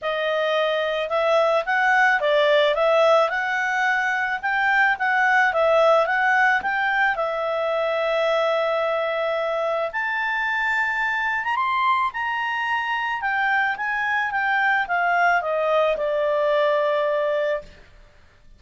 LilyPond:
\new Staff \with { instrumentName = "clarinet" } { \time 4/4 \tempo 4 = 109 dis''2 e''4 fis''4 | d''4 e''4 fis''2 | g''4 fis''4 e''4 fis''4 | g''4 e''2.~ |
e''2 a''2~ | a''8. ais''16 c'''4 ais''2 | g''4 gis''4 g''4 f''4 | dis''4 d''2. | }